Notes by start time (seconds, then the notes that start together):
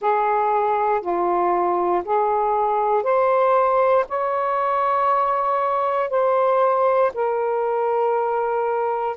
0.00 G#4
1.01 F4
2.04 G#4
3.03 C5
4.08 C#5
6.10 C5
7.14 A#4